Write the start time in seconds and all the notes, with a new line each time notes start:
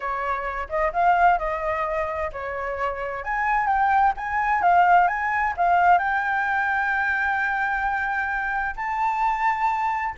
0.00 C#5
0.69 D#5
0.93 F5
1.38 D#5
2.32 C#5
3.23 G#5
3.67 G5
4.16 G#5
4.62 F5
5.07 G#5
5.56 F5
5.98 G5
8.76 A5